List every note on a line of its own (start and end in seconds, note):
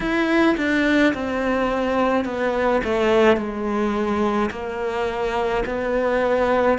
0.00 0.56 E4
0.57 1.13 D4
1.14 2.24 C4
2.24 2.81 B3
2.84 3.37 A3
3.37 4.50 G#3
4.50 5.63 A#3
5.66 6.78 B3